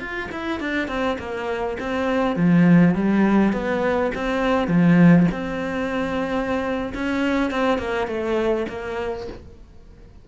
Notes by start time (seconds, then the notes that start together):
0.00 F4
0.31 E4
0.60 D4
0.88 C4
1.18 A#3
1.79 C4
2.36 F3
2.95 G3
3.53 B3
4.14 C4
4.67 F3
5.31 C4
6.94 C#4
7.51 C4
7.78 A#3
8.07 A3
8.69 A#3